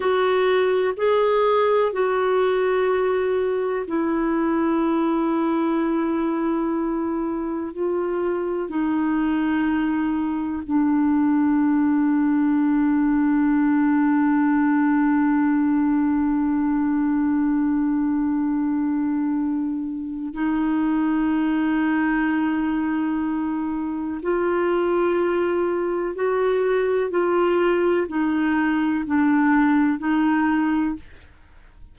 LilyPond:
\new Staff \with { instrumentName = "clarinet" } { \time 4/4 \tempo 4 = 62 fis'4 gis'4 fis'2 | e'1 | f'4 dis'2 d'4~ | d'1~ |
d'1~ | d'4 dis'2.~ | dis'4 f'2 fis'4 | f'4 dis'4 d'4 dis'4 | }